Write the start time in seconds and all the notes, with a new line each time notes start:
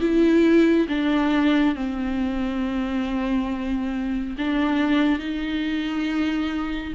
0.00 E4
0.88 D4
1.75 C4
4.38 D4
5.19 D#4